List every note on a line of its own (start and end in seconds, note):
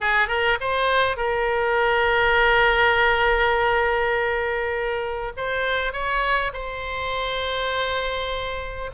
0.00 0.28 G#4
0.28 0.58 A#4
0.60 1.16 C5
1.16 5.32 A#4
5.37 5.92 C5
5.92 6.52 C#5
6.53 8.90 C5